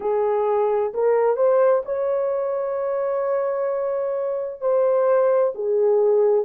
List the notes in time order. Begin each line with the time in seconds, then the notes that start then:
0.00 G#4
0.94 A#4
1.36 C5
1.85 C#5
4.60 C5
5.54 G#4